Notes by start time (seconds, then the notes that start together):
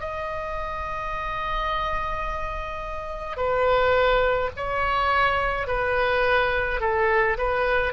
0.00 D#5
3.37 B4
4.57 C#5
5.68 B4
6.81 A4
7.38 B4